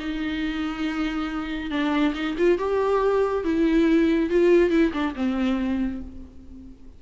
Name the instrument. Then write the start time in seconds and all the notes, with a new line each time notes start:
viola
0.00 D#4
1.71 D4
2.15 D#4
2.38 F4
2.59 G4
3.45 E4
4.31 F4
4.71 E4
4.93 D4
5.16 C4